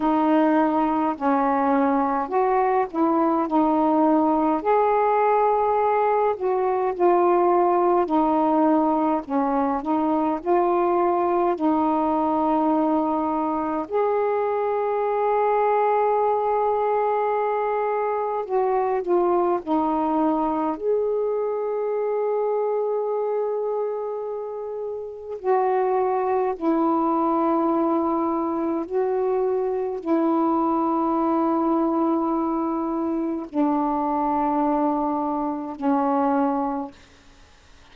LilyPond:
\new Staff \with { instrumentName = "saxophone" } { \time 4/4 \tempo 4 = 52 dis'4 cis'4 fis'8 e'8 dis'4 | gis'4. fis'8 f'4 dis'4 | cis'8 dis'8 f'4 dis'2 | gis'1 |
fis'8 f'8 dis'4 gis'2~ | gis'2 fis'4 e'4~ | e'4 fis'4 e'2~ | e'4 d'2 cis'4 | }